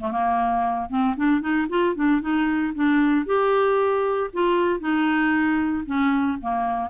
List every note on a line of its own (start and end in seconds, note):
0.00 0.12 A3
0.12 0.89 A#3
0.89 1.15 C4
1.16 1.41 D4
1.41 1.67 D#4
1.69 1.95 F4
1.95 2.21 D4
2.21 2.73 D#4
2.75 3.26 D4
3.26 4.30 G4
4.33 4.80 F4
4.80 5.84 D#4
5.86 6.38 C#4
6.42 6.90 A#3